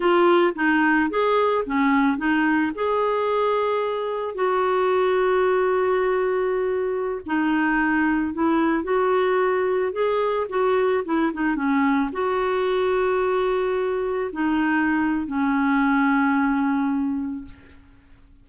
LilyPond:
\new Staff \with { instrumentName = "clarinet" } { \time 4/4 \tempo 4 = 110 f'4 dis'4 gis'4 cis'4 | dis'4 gis'2. | fis'1~ | fis'4~ fis'16 dis'2 e'8.~ |
e'16 fis'2 gis'4 fis'8.~ | fis'16 e'8 dis'8 cis'4 fis'4.~ fis'16~ | fis'2~ fis'16 dis'4.~ dis'16 | cis'1 | }